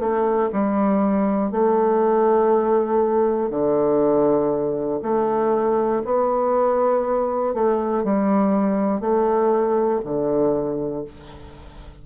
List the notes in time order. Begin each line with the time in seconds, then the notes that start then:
0.00 A3
0.53 G3
1.51 A3
3.50 D3
5.03 A3
6.05 B3
7.55 A3
8.04 G3
9.00 A3
10.05 D3